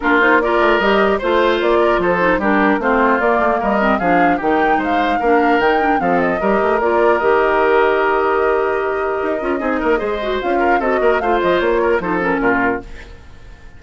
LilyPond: <<
  \new Staff \with { instrumentName = "flute" } { \time 4/4 \tempo 4 = 150 ais'8 c''8 d''4 dis''4 c''4 | d''4 c''4 ais'4 c''4 | d''4 dis''4 f''4 g''4 | f''2 g''4 f''8 dis''8~ |
dis''4 d''4 dis''2~ | dis''1~ | dis''2 f''4 dis''4 | f''8 dis''8 cis''4 c''8 ais'4. | }
  \new Staff \with { instrumentName = "oboe" } { \time 4/4 f'4 ais'2 c''4~ | c''8 ais'8 a'4 g'4 f'4~ | f'4 ais'4 gis'4 g'4 | c''4 ais'2 a'4 |
ais'1~ | ais'1 | gis'8 ais'8 c''4. ais'8 a'8 ais'8 | c''4. ais'8 a'4 f'4 | }
  \new Staff \with { instrumentName = "clarinet" } { \time 4/4 d'8 dis'8 f'4 g'4 f'4~ | f'4. dis'8 d'4 c'4 | ais4. c'8 d'4 dis'4~ | dis'4 d'4 dis'8 d'8 c'4 |
g'4 f'4 g'2~ | g'2.~ g'8 f'8 | dis'4 gis'8 fis'8 f'4 fis'4 | f'2 dis'8 cis'4. | }
  \new Staff \with { instrumentName = "bassoon" } { \time 4/4 ais4. a8 g4 a4 | ais4 f4 g4 a4 | ais8 a8 g4 f4 dis4 | gis4 ais4 dis4 f4 |
g8 a8 ais4 dis2~ | dis2. dis'8 cis'8 | c'8 ais8 gis4 cis'4 c'8 ais8 | a8 f8 ais4 f4 ais,4 | }
>>